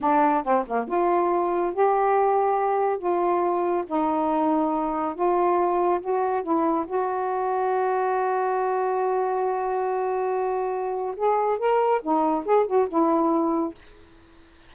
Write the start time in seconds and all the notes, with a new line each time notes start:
0.01 D4
0.43 C4
0.66 A#3
0.88 F4
1.73 G4
2.98 F4
3.86 D#4
5.14 F4
6.00 F#4
6.42 E4
6.86 F#4
11.16 G#4
11.58 A#4
12.02 D#4
12.45 G#4
12.66 F#4
12.88 E4